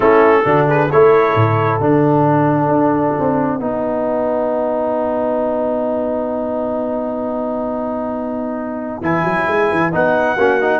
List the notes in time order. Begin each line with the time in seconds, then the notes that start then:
0.00 A3 C#4 E4 A4
0.44 D3 D4 F#4
0.68 G#4 B4
0.90 A3 E4 A4 C#5
1.34 A2
1.80 D3 D4 F#5
2.68 D4
3.19 C4
3.59 B3 D#4 B4
9.01 E3 E4 G#5
9.24 F#3
9.47 G#3
9.71 E3
9.91 B3 D#4 F#5
10.36 A#3 C#4 F#4
10.61 D#4